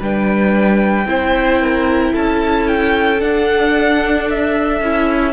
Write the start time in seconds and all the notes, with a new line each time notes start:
0.00 G3 D4 B4 G5
1.06 C4 E4 C5
1.62 A#4
2.14 C#4 A4 A5
2.68 G5
3.19 D4 F#5
4.31 E5
4.81 C#4 E4